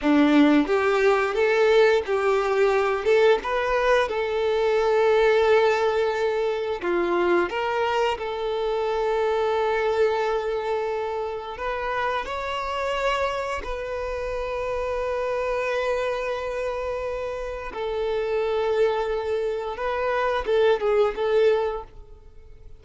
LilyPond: \new Staff \with { instrumentName = "violin" } { \time 4/4 \tempo 4 = 88 d'4 g'4 a'4 g'4~ | g'8 a'8 b'4 a'2~ | a'2 f'4 ais'4 | a'1~ |
a'4 b'4 cis''2 | b'1~ | b'2 a'2~ | a'4 b'4 a'8 gis'8 a'4 | }